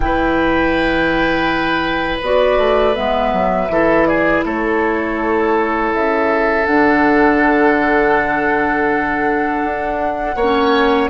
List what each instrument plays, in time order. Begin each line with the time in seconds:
0.00 bassoon E3, clarinet E4, oboe B4, flute G5
2.21 bassoon B3, clarinet F#4, flute D5
2.58 bassoon A3
2.93 bassoon G#3, clarinet B3, flute E5
3.32 bassoon F#3
3.68 bassoon E3, clarinet E4, oboe A4
4.06 oboe G#4, flute D5
4.45 bassoon A3, oboe A4, flute C#5
5.94 bassoon C#3, flute E5
6.65 bassoon D3, clarinet D4, flute F#5
9.63 bassoon D4
10.35 bassoon A#3, oboe C#5
10.41 clarinet C#4